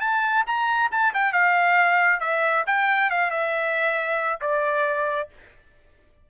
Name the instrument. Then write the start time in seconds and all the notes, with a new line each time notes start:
trumpet
0.00 A5
0.46 A#5
0.91 A5
1.13 G5
1.32 F5
2.20 E5
2.66 G5
3.10 F5
3.30 E5
4.41 D5